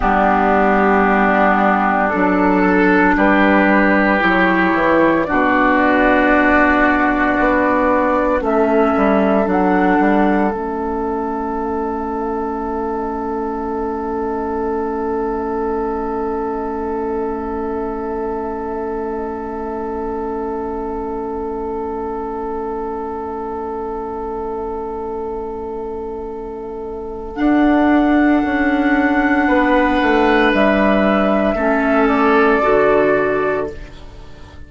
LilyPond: <<
  \new Staff \with { instrumentName = "flute" } { \time 4/4 \tempo 4 = 57 g'2 a'4 b'4 | cis''4 d''2. | e''4 fis''4 e''2~ | e''1~ |
e''1~ | e''1~ | e''2 fis''2~ | fis''4 e''4. d''4. | }
  \new Staff \with { instrumentName = "oboe" } { \time 4/4 d'2~ d'8 a'8 g'4~ | g'4 fis'2. | a'1~ | a'1~ |
a'1~ | a'1~ | a'1 | b'2 a'2 | }
  \new Staff \with { instrumentName = "clarinet" } { \time 4/4 b2 d'2 | e'4 d'2. | cis'4 d'4 cis'2~ | cis'1~ |
cis'1~ | cis'1~ | cis'2 d'2~ | d'2 cis'4 fis'4 | }
  \new Staff \with { instrumentName = "bassoon" } { \time 4/4 g2 fis4 g4 | fis8 e8 b,2 b4 | a8 g8 fis8 g8 a2~ | a1~ |
a1~ | a1~ | a2 d'4 cis'4 | b8 a8 g4 a4 d4 | }
>>